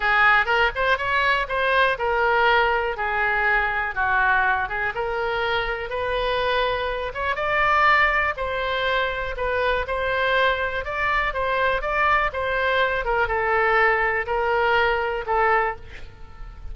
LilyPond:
\new Staff \with { instrumentName = "oboe" } { \time 4/4 \tempo 4 = 122 gis'4 ais'8 c''8 cis''4 c''4 | ais'2 gis'2 | fis'4. gis'8 ais'2 | b'2~ b'8 cis''8 d''4~ |
d''4 c''2 b'4 | c''2 d''4 c''4 | d''4 c''4. ais'8 a'4~ | a'4 ais'2 a'4 | }